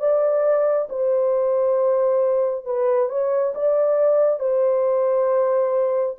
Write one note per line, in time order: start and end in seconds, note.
0.00 0.88 D5
0.89 2.66 C5
2.66 3.10 B4
3.10 3.54 C#5
3.55 4.40 D5
4.40 6.16 C5